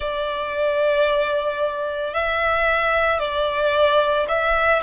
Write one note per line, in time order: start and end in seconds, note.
0.00 2.14 D5
2.14 3.19 E5
3.19 4.26 D5
4.28 4.82 E5